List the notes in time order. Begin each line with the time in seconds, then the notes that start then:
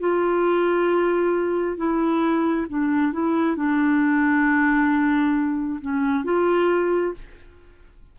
0.00 F4
1.77 E4
2.69 D4
3.13 E4
3.56 D4
5.81 C#4
6.24 F4